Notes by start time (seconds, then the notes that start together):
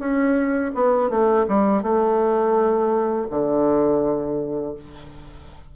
0.00 C#4
0.75 B3
1.10 A3
1.49 G3
1.83 A3
3.31 D3